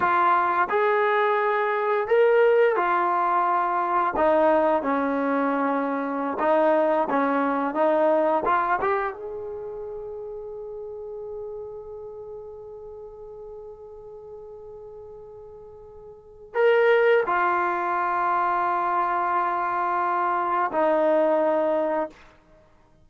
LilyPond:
\new Staff \with { instrumentName = "trombone" } { \time 4/4 \tempo 4 = 87 f'4 gis'2 ais'4 | f'2 dis'4 cis'4~ | cis'4~ cis'16 dis'4 cis'4 dis'8.~ | dis'16 f'8 g'8 gis'2~ gis'8.~ |
gis'1~ | gis'1 | ais'4 f'2.~ | f'2 dis'2 | }